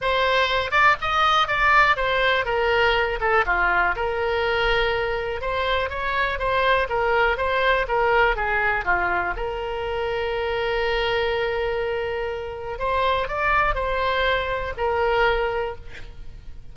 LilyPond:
\new Staff \with { instrumentName = "oboe" } { \time 4/4 \tempo 4 = 122 c''4. d''8 dis''4 d''4 | c''4 ais'4. a'8 f'4 | ais'2. c''4 | cis''4 c''4 ais'4 c''4 |
ais'4 gis'4 f'4 ais'4~ | ais'1~ | ais'2 c''4 d''4 | c''2 ais'2 | }